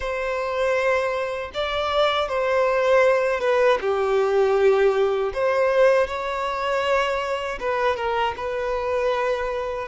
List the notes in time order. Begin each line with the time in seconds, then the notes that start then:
0.00 C5
1.54 D5
2.28 C5
3.40 B4
3.80 G4
5.33 C5
6.07 C#5
7.59 B4
7.96 A#4
8.36 B4